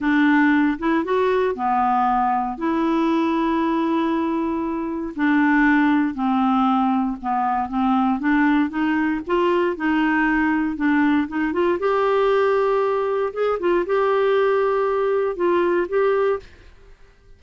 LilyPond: \new Staff \with { instrumentName = "clarinet" } { \time 4/4 \tempo 4 = 117 d'4. e'8 fis'4 b4~ | b4 e'2.~ | e'2 d'2 | c'2 b4 c'4 |
d'4 dis'4 f'4 dis'4~ | dis'4 d'4 dis'8 f'8 g'4~ | g'2 gis'8 f'8 g'4~ | g'2 f'4 g'4 | }